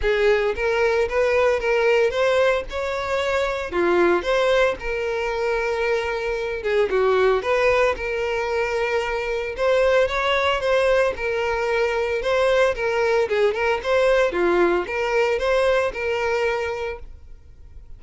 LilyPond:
\new Staff \with { instrumentName = "violin" } { \time 4/4 \tempo 4 = 113 gis'4 ais'4 b'4 ais'4 | c''4 cis''2 f'4 | c''4 ais'2.~ | ais'8 gis'8 fis'4 b'4 ais'4~ |
ais'2 c''4 cis''4 | c''4 ais'2 c''4 | ais'4 gis'8 ais'8 c''4 f'4 | ais'4 c''4 ais'2 | }